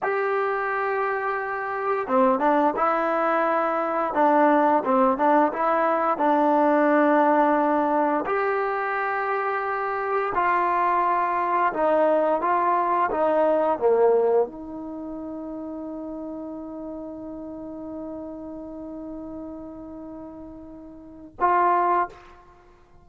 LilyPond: \new Staff \with { instrumentName = "trombone" } { \time 4/4 \tempo 4 = 87 g'2. c'8 d'8 | e'2 d'4 c'8 d'8 | e'4 d'2. | g'2. f'4~ |
f'4 dis'4 f'4 dis'4 | ais4 dis'2.~ | dis'1~ | dis'2. f'4 | }